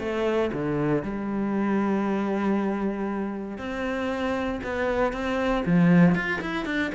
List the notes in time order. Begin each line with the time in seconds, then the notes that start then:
0.00 A3
0.53 D3
1.03 G3
3.59 C4
4.64 B3
5.13 C4
5.66 F3
6.15 F4
6.42 E4
6.66 D4